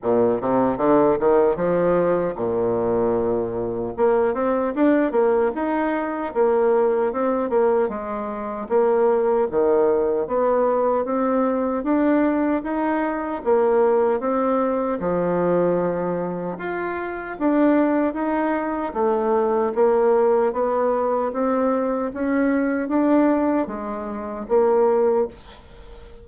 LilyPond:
\new Staff \with { instrumentName = "bassoon" } { \time 4/4 \tempo 4 = 76 ais,8 c8 d8 dis8 f4 ais,4~ | ais,4 ais8 c'8 d'8 ais8 dis'4 | ais4 c'8 ais8 gis4 ais4 | dis4 b4 c'4 d'4 |
dis'4 ais4 c'4 f4~ | f4 f'4 d'4 dis'4 | a4 ais4 b4 c'4 | cis'4 d'4 gis4 ais4 | }